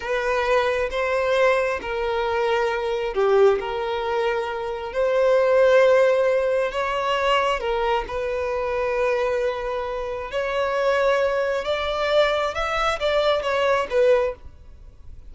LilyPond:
\new Staff \with { instrumentName = "violin" } { \time 4/4 \tempo 4 = 134 b'2 c''2 | ais'2. g'4 | ais'2. c''4~ | c''2. cis''4~ |
cis''4 ais'4 b'2~ | b'2. cis''4~ | cis''2 d''2 | e''4 d''4 cis''4 b'4 | }